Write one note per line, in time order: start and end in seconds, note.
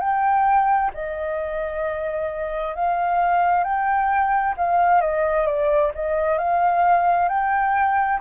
0.00 0.91 G5
0.94 2.75 D#5
2.75 3.64 F5
3.64 4.55 G5
4.57 5.01 F5
5.01 5.46 D#5
5.46 5.91 D5
5.95 6.38 D#5
6.38 7.29 F5
7.29 8.19 G5